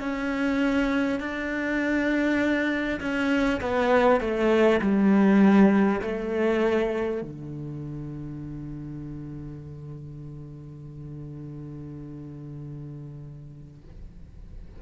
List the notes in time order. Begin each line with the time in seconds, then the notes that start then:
0.00 C#4
1.20 D4
3.01 C#4
3.61 B3
4.21 A3
4.82 G3
6.02 A3
7.22 D3